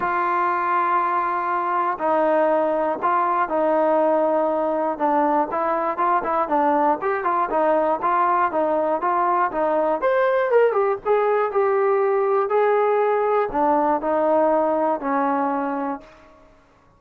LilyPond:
\new Staff \with { instrumentName = "trombone" } { \time 4/4 \tempo 4 = 120 f'1 | dis'2 f'4 dis'4~ | dis'2 d'4 e'4 | f'8 e'8 d'4 g'8 f'8 dis'4 |
f'4 dis'4 f'4 dis'4 | c''4 ais'8 g'8 gis'4 g'4~ | g'4 gis'2 d'4 | dis'2 cis'2 | }